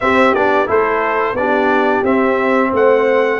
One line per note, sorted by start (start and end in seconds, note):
0.00 0.35 C4
0.00 0.68 G4
0.00 0.34 E5
0.34 0.69 B3
0.34 0.66 D4
0.34 0.68 D5
0.66 1.33 A3
0.66 1.34 E4
0.66 1.37 A4
0.66 1.36 C5
1.33 2.01 B3
1.33 2.05 D4
1.33 2.04 D5
1.39 2.69 G4
2.03 2.71 C4
2.03 3.39 C4
2.03 2.73 E5
2.69 3.39 A3
2.69 3.37 C5
2.69 3.39 F#5